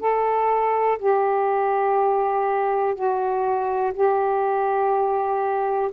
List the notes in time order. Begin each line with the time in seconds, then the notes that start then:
0.00 A4
0.99 G4
2.95 F#4
3.94 G4